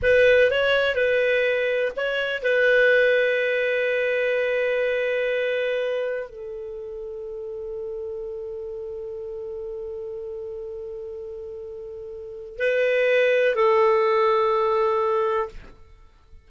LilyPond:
\new Staff \with { instrumentName = "clarinet" } { \time 4/4 \tempo 4 = 124 b'4 cis''4 b'2 | cis''4 b'2.~ | b'1~ | b'4 a'2.~ |
a'1~ | a'1~ | a'2 b'2 | a'1 | }